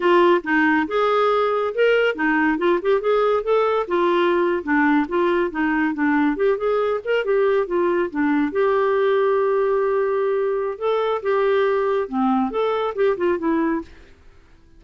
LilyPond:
\new Staff \with { instrumentName = "clarinet" } { \time 4/4 \tempo 4 = 139 f'4 dis'4 gis'2 | ais'4 dis'4 f'8 g'8 gis'4 | a'4 f'4.~ f'16 d'4 f'16~ | f'8. dis'4 d'4 g'8 gis'8.~ |
gis'16 ais'8 g'4 f'4 d'4 g'16~ | g'1~ | g'4 a'4 g'2 | c'4 a'4 g'8 f'8 e'4 | }